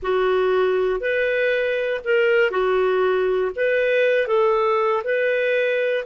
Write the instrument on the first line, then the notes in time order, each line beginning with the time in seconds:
clarinet
0.02 F#4
1.00 B4
2.04 A#4
2.50 F#4
3.55 B4
4.27 A4
5.04 B4